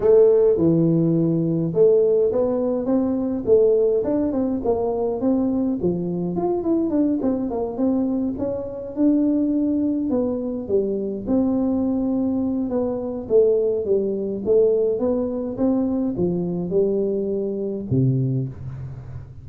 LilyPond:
\new Staff \with { instrumentName = "tuba" } { \time 4/4 \tempo 4 = 104 a4 e2 a4 | b4 c'4 a4 d'8 c'8 | ais4 c'4 f4 f'8 e'8 | d'8 c'8 ais8 c'4 cis'4 d'8~ |
d'4. b4 g4 c'8~ | c'2 b4 a4 | g4 a4 b4 c'4 | f4 g2 c4 | }